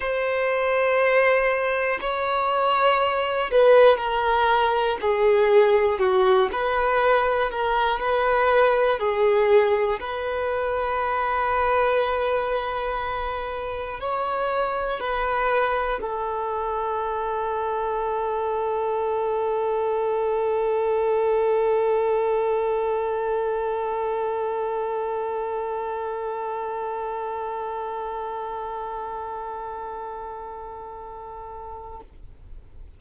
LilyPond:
\new Staff \with { instrumentName = "violin" } { \time 4/4 \tempo 4 = 60 c''2 cis''4. b'8 | ais'4 gis'4 fis'8 b'4 ais'8 | b'4 gis'4 b'2~ | b'2 cis''4 b'4 |
a'1~ | a'1~ | a'1~ | a'1 | }